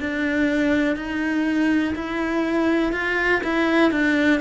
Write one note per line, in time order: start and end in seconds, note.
0.00 0.96 D4
0.96 1.94 D#4
1.95 2.92 E4
2.92 3.42 F4
3.44 3.91 E4
3.91 4.40 D4